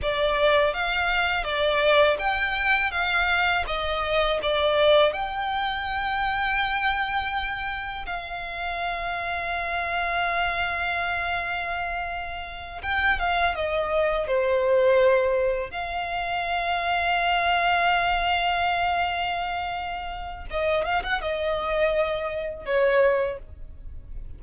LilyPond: \new Staff \with { instrumentName = "violin" } { \time 4/4 \tempo 4 = 82 d''4 f''4 d''4 g''4 | f''4 dis''4 d''4 g''4~ | g''2. f''4~ | f''1~ |
f''4. g''8 f''8 dis''4 c''8~ | c''4. f''2~ f''8~ | f''1 | dis''8 f''16 fis''16 dis''2 cis''4 | }